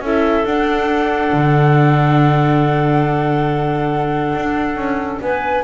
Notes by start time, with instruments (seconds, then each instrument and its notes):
0.00 double bass C#4, viola E4, clarinet A4, flute E5
0.44 double bass D4, viola D4, flute F#5
1.32 double bass D3
4.35 double bass D4
4.75 double bass C#4
5.21 double bass B3, clarinet B4, flute G#5